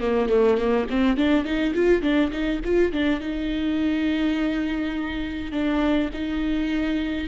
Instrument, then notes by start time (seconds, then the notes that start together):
viola
0.00 A#3
0.29 A3
0.57 A#3
0.89 C4
1.17 D4
1.44 D#4
1.74 F4
2.02 D4
2.31 D#4
2.64 F4
2.92 D4
3.20 D#4
5.52 D4
6.13 D#4